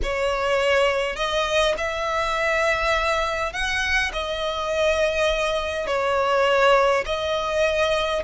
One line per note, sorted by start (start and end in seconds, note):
0.02 1.16 C#5
1.16 1.74 D#5
1.77 3.52 E5
3.52 4.11 F#5
4.13 5.86 D#5
5.86 7.04 C#5
7.05 8.23 D#5